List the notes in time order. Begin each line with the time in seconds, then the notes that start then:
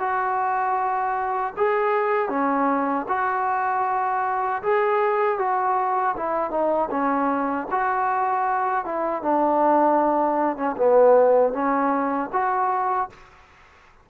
0.00 F#4
1.57 G#4
2.29 C#4
3.09 F#4
4.63 G#4
5.39 F#4
6.17 E4
6.51 D#4
6.91 C#4
7.72 F#4
8.85 E4
9.23 D4
10.57 C#4
10.77 B3
11.53 C#4
12.33 F#4